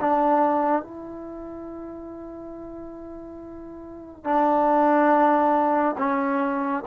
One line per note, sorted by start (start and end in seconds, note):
0.00 0.82 D4
0.82 4.24 E4
4.24 5.95 D4
5.98 6.83 C#4